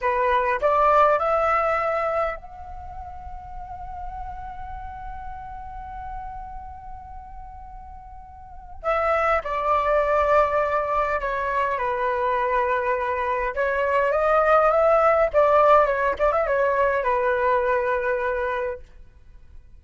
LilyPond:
\new Staff \with { instrumentName = "flute" } { \time 4/4 \tempo 4 = 102 b'4 d''4 e''2 | fis''1~ | fis''1~ | fis''2. e''4 |
d''2. cis''4 | b'2. cis''4 | dis''4 e''4 d''4 cis''8 d''16 e''16 | cis''4 b'2. | }